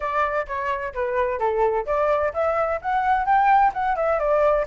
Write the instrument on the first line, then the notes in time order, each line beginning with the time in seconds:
flute
0.00 D5
0.47 C#5
0.93 B4
1.39 A4
1.86 D5
2.33 E5
2.81 F#5
3.25 G5
3.73 F#5
3.96 E5
4.19 D5